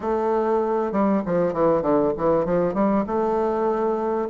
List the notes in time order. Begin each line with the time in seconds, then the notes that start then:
0.00 A3
0.92 G3
1.26 F3
1.53 E3
1.81 D3
2.17 E3
2.45 F3
2.74 G3
3.06 A3